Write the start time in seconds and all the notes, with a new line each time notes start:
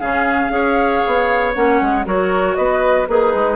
0.00 C#3 C#4 G#4 F5
0.50 C#4 G#4 C#5
1.07 B3
1.54 A#3 C#4 F#5
1.81 G#3
2.05 F#3 F#4 A#4 C#5
2.55 B3 B4 D#5
3.08 A#3 D#4 G#4 B4
3.34 G#3